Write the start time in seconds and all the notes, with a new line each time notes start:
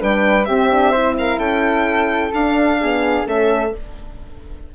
0.00 G3 D4 B4 G5
0.45 C4 G4 E5
0.71 D4
0.92 E4 C5
1.18 A#4 F5
1.38 C#4 A4 G5
2.34 D4 F5
2.81 B3 G#4
3.25 A3 C#4 A4 E5